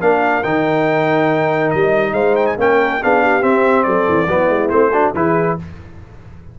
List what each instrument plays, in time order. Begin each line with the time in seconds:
0.00 tuba A#3, trombone D4, horn A#4, trumpet F5
0.43 tuba D#3, trombone D#4, trumpet G5
1.70 tuba G3, trumpet D#5
2.12 tuba G#3, horn C5, trumpet F5
2.35 trumpet G5
2.46 trumpet G#5
2.57 tuba A#3, trombone C#4, horn A#4, trumpet G5
3.02 tuba B3, trombone D4, horn G#4, trumpet F5
3.22 horn G4
3.41 trombone C4, tuba C4, trumpet E5
3.83 tuba F#3, horn A4, trumpet D5
4.09 tuba E3
4.27 tuba F#3, trombone B3, horn E4
4.48 tuba G#3
4.69 tuba A3, trombone C4, trumpet C5
4.91 trombone D4, horn F#4
5.14 tuba E3, trombone E4, horn G#4, trumpet B4